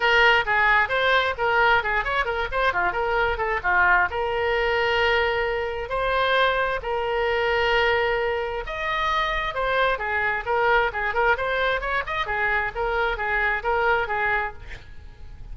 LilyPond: \new Staff \with { instrumentName = "oboe" } { \time 4/4 \tempo 4 = 132 ais'4 gis'4 c''4 ais'4 | gis'8 cis''8 ais'8 c''8 f'8 ais'4 a'8 | f'4 ais'2.~ | ais'4 c''2 ais'4~ |
ais'2. dis''4~ | dis''4 c''4 gis'4 ais'4 | gis'8 ais'8 c''4 cis''8 dis''8 gis'4 | ais'4 gis'4 ais'4 gis'4 | }